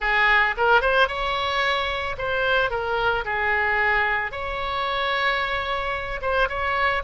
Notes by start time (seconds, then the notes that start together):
0.00 G#4
0.57 A#4
0.81 C5
1.07 C#5
2.17 C5
2.70 A#4
3.24 G#4
4.31 C#5
6.21 C5
6.48 C#5